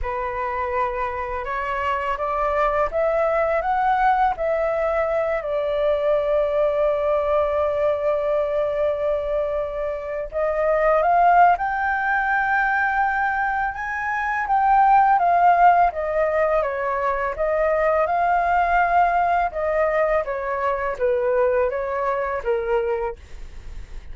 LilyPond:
\new Staff \with { instrumentName = "flute" } { \time 4/4 \tempo 4 = 83 b'2 cis''4 d''4 | e''4 fis''4 e''4. d''8~ | d''1~ | d''2~ d''16 dis''4 f''8. |
g''2. gis''4 | g''4 f''4 dis''4 cis''4 | dis''4 f''2 dis''4 | cis''4 b'4 cis''4 ais'4 | }